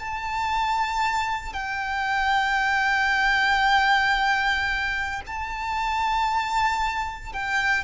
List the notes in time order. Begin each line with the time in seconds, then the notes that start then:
0.00 A5
1.54 G5
5.27 A5
7.33 G5